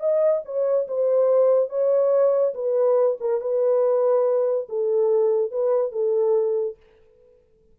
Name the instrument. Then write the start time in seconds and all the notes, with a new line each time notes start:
horn
0.00 D#5
0.45 C#5
0.88 C5
1.70 C#5
2.54 B4
3.21 A#4
3.41 B4
4.69 A4
5.52 B4
5.92 A4